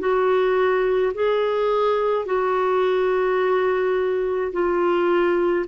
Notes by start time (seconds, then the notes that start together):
0.00 F#4
1.14 G#4
2.26 F#4
4.52 F4